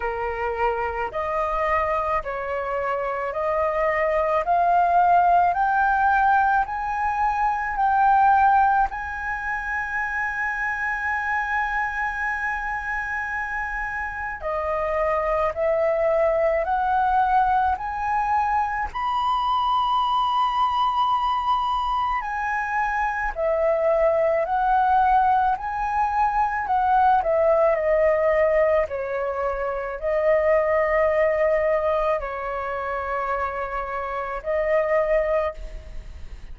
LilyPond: \new Staff \with { instrumentName = "flute" } { \time 4/4 \tempo 4 = 54 ais'4 dis''4 cis''4 dis''4 | f''4 g''4 gis''4 g''4 | gis''1~ | gis''4 dis''4 e''4 fis''4 |
gis''4 b''2. | gis''4 e''4 fis''4 gis''4 | fis''8 e''8 dis''4 cis''4 dis''4~ | dis''4 cis''2 dis''4 | }